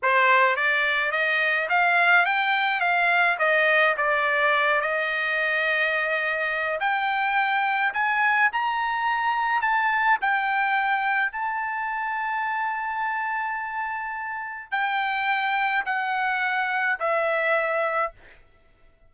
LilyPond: \new Staff \with { instrumentName = "trumpet" } { \time 4/4 \tempo 4 = 106 c''4 d''4 dis''4 f''4 | g''4 f''4 dis''4 d''4~ | d''8 dis''2.~ dis''8 | g''2 gis''4 ais''4~ |
ais''4 a''4 g''2 | a''1~ | a''2 g''2 | fis''2 e''2 | }